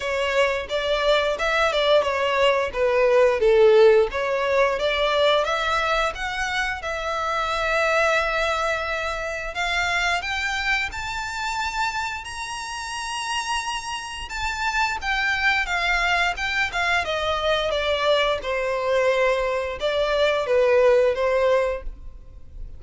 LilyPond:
\new Staff \with { instrumentName = "violin" } { \time 4/4 \tempo 4 = 88 cis''4 d''4 e''8 d''8 cis''4 | b'4 a'4 cis''4 d''4 | e''4 fis''4 e''2~ | e''2 f''4 g''4 |
a''2 ais''2~ | ais''4 a''4 g''4 f''4 | g''8 f''8 dis''4 d''4 c''4~ | c''4 d''4 b'4 c''4 | }